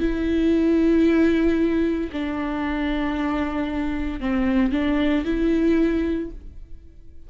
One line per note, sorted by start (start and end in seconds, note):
0.00 2.11 E4
2.12 4.21 D4
4.21 4.72 C4
4.72 5.25 D4
5.25 6.30 E4